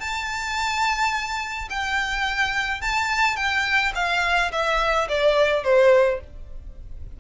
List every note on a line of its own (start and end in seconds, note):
0.00 1.68 A5
1.70 2.81 G5
2.81 3.36 A5
3.36 3.92 G5
3.95 4.51 F5
4.52 5.08 E5
5.08 5.64 D5
5.64 6.20 C5